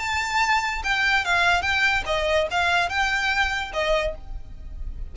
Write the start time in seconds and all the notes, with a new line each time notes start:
0.00 A5
0.84 G5
1.25 F5
1.62 G5
2.07 D#5
2.51 F5
2.90 G5
3.74 D#5